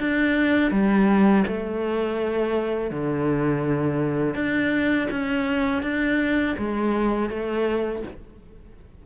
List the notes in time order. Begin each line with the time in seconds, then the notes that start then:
0.00 D4
0.72 G3
1.48 A3
2.91 D3
4.35 D4
5.11 C#4
5.83 D4
6.58 G#3
7.30 A3